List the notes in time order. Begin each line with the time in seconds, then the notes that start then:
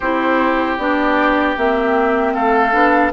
0.00 C4 E4 G4 C5
0.78 B3 D4 D5
1.56 A#3 C4 E5
2.34 A3 A4 F5
2.72 B3 D4